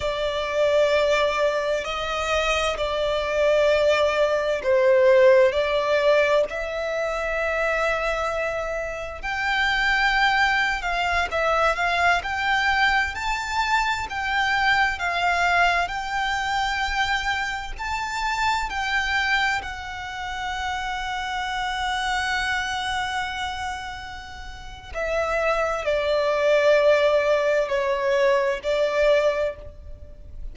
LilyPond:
\new Staff \with { instrumentName = "violin" } { \time 4/4 \tempo 4 = 65 d''2 dis''4 d''4~ | d''4 c''4 d''4 e''4~ | e''2 g''4.~ g''16 f''16~ | f''16 e''8 f''8 g''4 a''4 g''8.~ |
g''16 f''4 g''2 a''8.~ | a''16 g''4 fis''2~ fis''8.~ | fis''2. e''4 | d''2 cis''4 d''4 | }